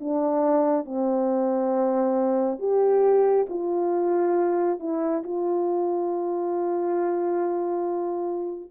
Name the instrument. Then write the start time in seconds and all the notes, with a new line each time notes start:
horn
0.00 D4
0.85 C4
2.59 G4
3.50 F4
4.79 E4
5.24 F4